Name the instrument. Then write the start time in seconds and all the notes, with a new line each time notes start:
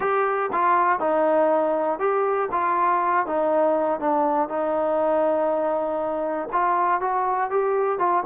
trombone
0.00 G4
0.52 F4
0.99 D#4
1.99 G4
2.51 F4
3.26 D#4
4.00 D4
4.48 D#4
6.52 F4
7.00 F#4
7.50 G4
7.98 F4